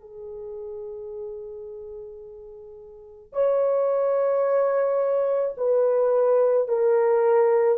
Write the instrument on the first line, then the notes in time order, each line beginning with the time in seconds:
horn
0.00 G#4
3.32 C#5
5.57 B4
6.68 A#4